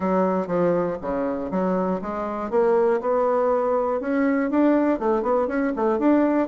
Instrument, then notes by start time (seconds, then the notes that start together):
bassoon
0.00 F#3
0.47 F3
1.01 C#3
1.50 F#3
2.01 G#3
2.50 A#3
3.00 B3
4.00 C#4
4.50 D4
4.99 A3
5.22 B3
5.47 C#4
5.75 A3
5.98 D4